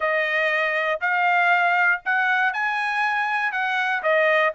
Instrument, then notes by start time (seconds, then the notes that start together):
trumpet
0.00 D#5
1.01 F5
2.05 F#5
2.53 G#5
3.52 F#5
4.02 D#5